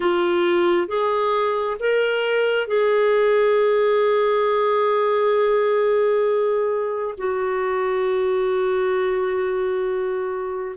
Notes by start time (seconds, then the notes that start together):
0.00 F4
0.87 G#4
1.79 A#4
2.67 G#4
7.17 F#4